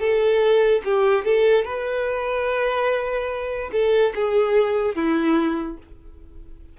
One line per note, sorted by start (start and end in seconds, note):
0.00 0.82 A4
0.84 1.25 G4
1.25 1.65 A4
1.65 3.70 B4
3.72 4.13 A4
4.15 4.95 G#4
4.95 5.78 E4